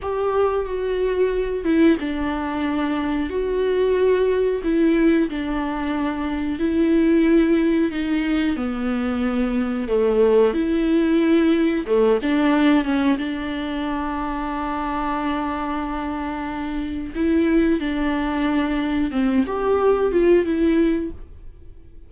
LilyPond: \new Staff \with { instrumentName = "viola" } { \time 4/4 \tempo 4 = 91 g'4 fis'4. e'8 d'4~ | d'4 fis'2 e'4 | d'2 e'2 | dis'4 b2 a4 |
e'2 a8 d'4 cis'8 | d'1~ | d'2 e'4 d'4~ | d'4 c'8 g'4 f'8 e'4 | }